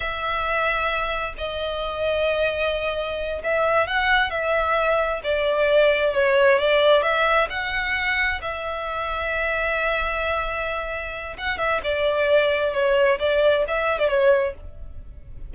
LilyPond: \new Staff \with { instrumentName = "violin" } { \time 4/4 \tempo 4 = 132 e''2. dis''4~ | dis''2.~ dis''8 e''8~ | e''8 fis''4 e''2 d''8~ | d''4. cis''4 d''4 e''8~ |
e''8 fis''2 e''4.~ | e''1~ | e''4 fis''8 e''8 d''2 | cis''4 d''4 e''8. d''16 cis''4 | }